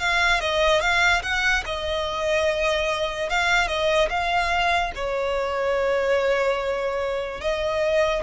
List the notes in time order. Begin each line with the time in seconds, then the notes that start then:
0.00 F5
0.41 D#5
0.81 F5
1.23 F#5
1.66 D#5
3.30 F5
3.68 D#5
4.10 F5
4.96 C#5
7.41 D#5